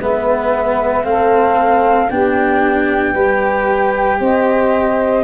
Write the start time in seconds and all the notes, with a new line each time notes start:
0.00 G#3 B3 B4 E5
1.04 A3 C4 A4 F5
2.10 B3 D4 G4 G5
3.13 G3 G4 B4
4.20 C4 C5 D#5